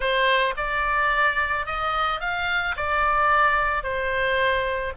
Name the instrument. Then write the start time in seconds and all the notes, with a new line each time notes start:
oboe
0.00 C5
0.56 D5
1.65 D#5
2.20 F5
2.76 D5
3.83 C5